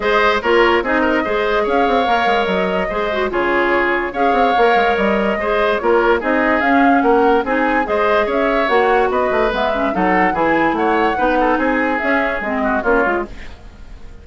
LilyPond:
<<
  \new Staff \with { instrumentName = "flute" } { \time 4/4 \tempo 4 = 145 dis''4 cis''4 dis''2 | f''2 dis''2 | cis''2 f''2 | dis''2 cis''4 dis''4 |
f''4 fis''4 gis''4 dis''4 | e''4 fis''4 dis''4 e''4 | fis''4 gis''4 fis''2 | gis''4 e''4 dis''4 cis''4 | }
  \new Staff \with { instrumentName = "oboe" } { \time 4/4 c''4 ais'4 gis'8 ais'8 c''4 | cis''2. c''4 | gis'2 cis''2~ | cis''4 c''4 ais'4 gis'4~ |
gis'4 ais'4 gis'4 c''4 | cis''2 b'2 | a'4 gis'4 cis''4 b'8 a'8 | gis'2~ gis'8 fis'8 f'4 | }
  \new Staff \with { instrumentName = "clarinet" } { \time 4/4 gis'4 f'4 dis'4 gis'4~ | gis'4 ais'2 gis'8 fis'8 | f'2 gis'4 ais'4~ | ais'4 gis'4 f'4 dis'4 |
cis'2 dis'4 gis'4~ | gis'4 fis'2 b8 cis'8 | dis'4 e'2 dis'4~ | dis'4 cis'4 c'4 cis'8 f'8 | }
  \new Staff \with { instrumentName = "bassoon" } { \time 4/4 gis4 ais4 c'4 gis4 | cis'8 c'8 ais8 gis8 fis4 gis4 | cis2 cis'8 c'8 ais8 gis8 | g4 gis4 ais4 c'4 |
cis'4 ais4 c'4 gis4 | cis'4 ais4 b8 a8 gis4 | fis4 e4 a4 b4 | c'4 cis'4 gis4 ais8 gis8 | }
>>